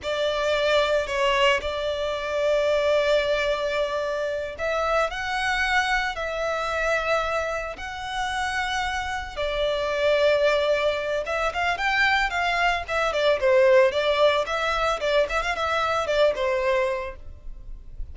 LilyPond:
\new Staff \with { instrumentName = "violin" } { \time 4/4 \tempo 4 = 112 d''2 cis''4 d''4~ | d''1~ | d''8 e''4 fis''2 e''8~ | e''2~ e''8 fis''4.~ |
fis''4. d''2~ d''8~ | d''4 e''8 f''8 g''4 f''4 | e''8 d''8 c''4 d''4 e''4 | d''8 e''16 f''16 e''4 d''8 c''4. | }